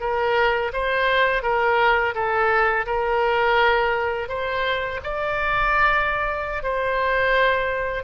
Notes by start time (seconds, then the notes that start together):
0.00 A#4
0.73 C5
1.43 A#4
2.14 A4
2.86 A#4
4.28 C5
5.03 D5
6.63 C5